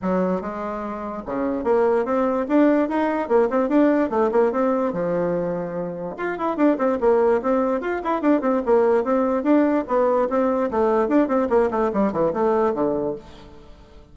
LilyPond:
\new Staff \with { instrumentName = "bassoon" } { \time 4/4 \tempo 4 = 146 fis4 gis2 cis4 | ais4 c'4 d'4 dis'4 | ais8 c'8 d'4 a8 ais8 c'4 | f2. f'8 e'8 |
d'8 c'8 ais4 c'4 f'8 e'8 | d'8 c'8 ais4 c'4 d'4 | b4 c'4 a4 d'8 c'8 | ais8 a8 g8 e8 a4 d4 | }